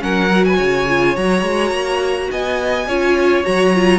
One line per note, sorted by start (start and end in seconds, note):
0.00 0.60 F#3
0.00 0.29 C#4
0.00 0.47 A#4
0.00 0.45 F#5
0.30 0.88 F#4
0.45 0.57 B4
0.45 1.17 G#5
0.57 1.17 C#3
0.57 2.28 C#5
0.89 1.17 F4
1.17 1.43 F#3
1.17 2.88 F#4
1.17 2.31 A#5
1.43 1.71 G#3
1.71 2.29 A#3
2.32 2.87 B3
2.32 2.88 D#5
2.32 3.45 G#5
2.87 3.45 C#4
2.87 3.45 F4
2.87 4.00 C#5
3.45 4.00 F#3
3.45 3.73 F#4
3.45 4.00 A#5
3.75 4.00 F4